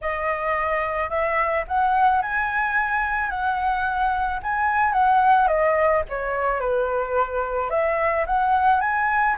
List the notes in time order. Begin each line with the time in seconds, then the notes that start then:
0.01 D#5
1.09 E5
1.67 F#5
2.21 G#5
3.30 F#5
4.43 G#5
4.92 F#5
5.47 D#5
6.09 C#5
6.60 B4
7.70 E5
8.26 F#5
8.80 G#5